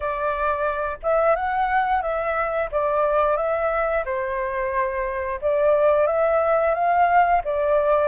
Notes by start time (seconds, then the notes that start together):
0.00 D5
1.03 E5
1.35 F#5
2.02 E5
2.71 D5
3.36 E5
4.05 C5
5.41 D5
6.06 E5
6.74 F5
7.44 D5